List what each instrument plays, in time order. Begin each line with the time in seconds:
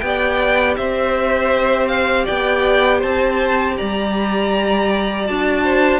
0.00 cello B3, viola G4, violin D5 G5
0.77 cello C4, violin C5 E5
1.88 violin F5
2.25 cello B3, violin D5 G5
2.99 cello C4, violin C5 A5
3.78 cello G3, violin D5 A#5
5.26 cello D4, viola F#4, violin A5
5.64 violin C5